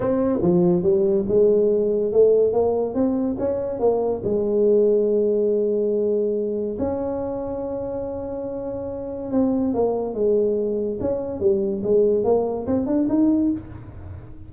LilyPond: \new Staff \with { instrumentName = "tuba" } { \time 4/4 \tempo 4 = 142 c'4 f4 g4 gis4~ | gis4 a4 ais4 c'4 | cis'4 ais4 gis2~ | gis1 |
cis'1~ | cis'2 c'4 ais4 | gis2 cis'4 g4 | gis4 ais4 c'8 d'8 dis'4 | }